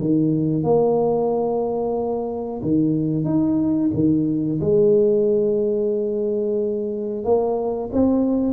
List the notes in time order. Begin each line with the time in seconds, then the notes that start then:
0.00 D#3
0.63 A#3
2.62 D#3
3.24 D#4
3.94 D#3
4.60 G#3
7.23 A#3
7.92 C4